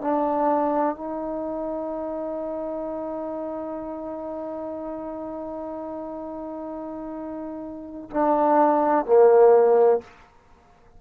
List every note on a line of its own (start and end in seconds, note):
0.00 0.95 D4
0.95 8.10 D#4
8.10 9.05 D4
9.05 10.00 A#3